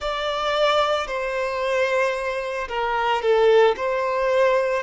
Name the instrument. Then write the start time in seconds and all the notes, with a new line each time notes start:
violin
0.00 D5
1.07 C5
2.68 A#4
3.21 A4
3.76 C5